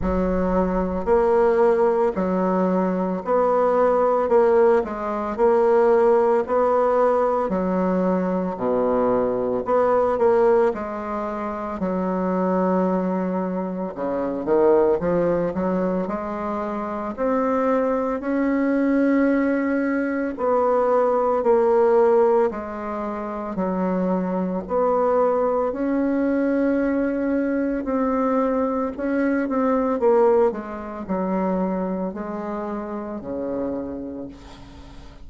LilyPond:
\new Staff \with { instrumentName = "bassoon" } { \time 4/4 \tempo 4 = 56 fis4 ais4 fis4 b4 | ais8 gis8 ais4 b4 fis4 | b,4 b8 ais8 gis4 fis4~ | fis4 cis8 dis8 f8 fis8 gis4 |
c'4 cis'2 b4 | ais4 gis4 fis4 b4 | cis'2 c'4 cis'8 c'8 | ais8 gis8 fis4 gis4 cis4 | }